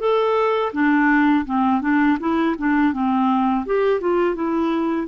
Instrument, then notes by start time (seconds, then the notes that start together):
clarinet
0.00 A4
0.73 D4
1.46 C4
1.82 D4
2.20 E4
2.58 D4
2.93 C4
3.66 G4
4.01 F4
4.35 E4